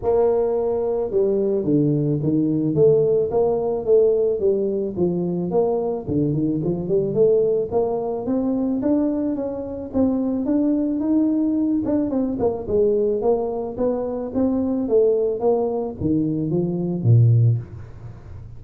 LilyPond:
\new Staff \with { instrumentName = "tuba" } { \time 4/4 \tempo 4 = 109 ais2 g4 d4 | dis4 a4 ais4 a4 | g4 f4 ais4 d8 dis8 | f8 g8 a4 ais4 c'4 |
d'4 cis'4 c'4 d'4 | dis'4. d'8 c'8 ais8 gis4 | ais4 b4 c'4 a4 | ais4 dis4 f4 ais,4 | }